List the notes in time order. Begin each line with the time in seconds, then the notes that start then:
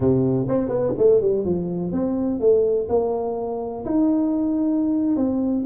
0.00 C3
0.48 C4
0.69 B3
0.97 A3
1.21 G3
1.44 F3
1.92 C4
2.40 A3
2.88 A#3
3.85 D#4
5.16 C4